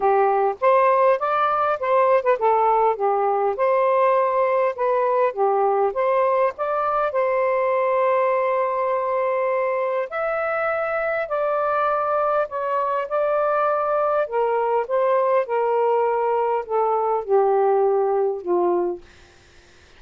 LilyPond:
\new Staff \with { instrumentName = "saxophone" } { \time 4/4 \tempo 4 = 101 g'4 c''4 d''4 c''8. b'16 | a'4 g'4 c''2 | b'4 g'4 c''4 d''4 | c''1~ |
c''4 e''2 d''4~ | d''4 cis''4 d''2 | ais'4 c''4 ais'2 | a'4 g'2 f'4 | }